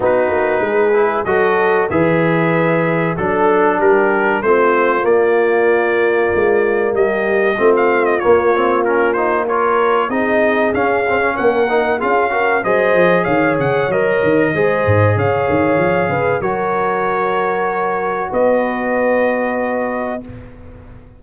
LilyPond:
<<
  \new Staff \with { instrumentName = "trumpet" } { \time 4/4 \tempo 4 = 95 b'2 dis''4 e''4~ | e''4 a'4 ais'4 c''4 | d''2. dis''4~ | dis''16 f''8 dis''16 cis''4 ais'8 c''8 cis''4 |
dis''4 f''4 fis''4 f''4 | dis''4 f''8 fis''8 dis''2 | f''2 cis''2~ | cis''4 dis''2. | }
  \new Staff \with { instrumentName = "horn" } { \time 4/4 fis'4 gis'4 a'4 b'4~ | b'4 a'4 g'4 f'4~ | f'2. g'4 | f'2. ais'4 |
gis'2 ais'4 gis'8 ais'8 | c''4 cis''2 c''4 | cis''4. b'8 ais'2~ | ais'4 b'2. | }
  \new Staff \with { instrumentName = "trombone" } { \time 4/4 dis'4. e'8 fis'4 gis'4~ | gis'4 d'2 c'4 | ais1 | c'4 ais8 c'8 cis'8 dis'8 f'4 |
dis'4 cis'8 c'16 cis'8. dis'8 f'8 fis'8 | gis'2 ais'4 gis'4~ | gis'2 fis'2~ | fis'1 | }
  \new Staff \with { instrumentName = "tuba" } { \time 4/4 b8 ais8 gis4 fis4 e4~ | e4 fis4 g4 a4 | ais2 gis4 g4 | a4 ais2. |
c'4 cis'4 ais4 cis'4 | fis8 f8 dis8 cis8 fis8 dis8 gis8 gis,8 | cis8 dis8 f8 cis8 fis2~ | fis4 b2. | }
>>